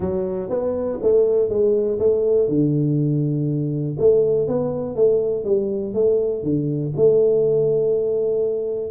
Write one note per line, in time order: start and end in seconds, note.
0.00 0.49 F#3
0.49 0.99 B3
1.02 1.49 A3
1.49 1.98 G#3
1.99 2.48 A3
2.48 3.97 D3
3.99 4.47 A3
4.47 4.95 B3
4.95 5.44 A3
5.44 5.93 G3
5.94 6.43 A3
6.43 6.92 D3
6.96 8.90 A3